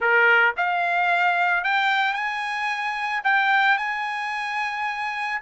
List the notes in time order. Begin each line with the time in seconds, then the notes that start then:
0.00 A#4
0.56 F5
1.64 G5
2.13 G#5
3.24 G5
3.77 G#5